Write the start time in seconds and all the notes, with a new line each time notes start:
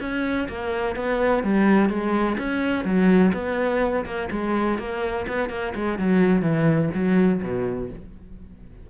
0.00 C#4
0.48 A#3
0.95 B3
1.43 G3
1.89 G#3
2.38 C#4
2.85 F#3
3.33 B3
4.05 A#3
4.31 G#3
4.78 A#3
5.28 B3
5.49 A#3
5.75 G#3
5.98 F#3
6.42 E3
6.94 F#3
7.42 B2